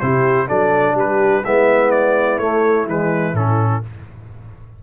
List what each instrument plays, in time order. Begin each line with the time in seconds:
0.00 tuba C3, trombone E4, horn G4, trumpet C5
0.47 tuba F#3, trombone D4, horn A4, trumpet D5
0.94 tuba G3, horn G4, trumpet B4
1.44 tuba G#3, trombone B3, horn E4, trumpet E5
1.91 trumpet D5
2.38 tuba A3, trombone A3, trumpet C#5
2.86 tuba E3, trombone G#3, trumpet B4
3.33 tuba A2, trombone C#4, trumpet A4